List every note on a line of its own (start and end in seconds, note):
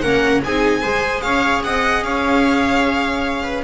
0.00 0.43 A#3
0.00 0.43 C#4
0.00 0.43 A#4
0.00 0.40 F#5
0.44 0.83 C4
0.44 0.83 D#4
0.44 0.81 G#4
0.44 1.21 G#5
0.81 1.23 G#3
0.81 3.63 G#4
0.81 1.21 C5
1.21 1.63 C#4
1.21 1.64 C#5
1.21 1.61 F5
1.63 2.03 C4
1.63 2.04 D#5
1.63 2.03 F#5
2.03 3.63 C#4
2.03 3.42 C#5
2.03 3.63 F5
3.42 3.63 B4